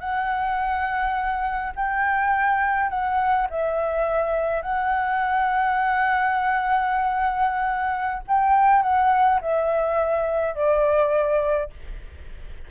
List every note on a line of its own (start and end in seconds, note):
0.00 1.73 F#5
1.76 2.90 G5
2.90 3.47 F#5
3.50 4.62 E5
4.62 8.23 F#5
8.28 8.82 G5
8.82 9.40 F#5
9.41 10.55 E5
10.55 11.70 D5